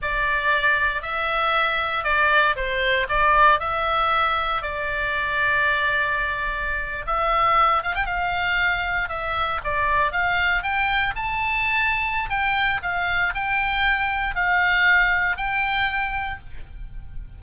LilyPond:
\new Staff \with { instrumentName = "oboe" } { \time 4/4 \tempo 4 = 117 d''2 e''2 | d''4 c''4 d''4 e''4~ | e''4 d''2.~ | d''4.~ d''16 e''4. f''16 g''16 f''16~ |
f''4.~ f''16 e''4 d''4 f''16~ | f''8. g''4 a''2~ a''16 | g''4 f''4 g''2 | f''2 g''2 | }